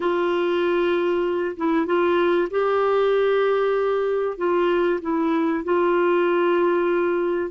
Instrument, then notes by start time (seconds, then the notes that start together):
clarinet
0.00 F4
1.56 E4
1.86 F4
2.50 G4
4.37 F4
5.01 E4
5.63 F4